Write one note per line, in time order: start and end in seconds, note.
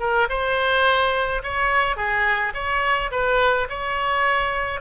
0.00 0.28 A#4
0.30 1.43 C5
1.43 1.97 C#5
1.97 2.53 G#4
2.54 3.11 C#5
3.12 3.68 B4
3.70 4.81 C#5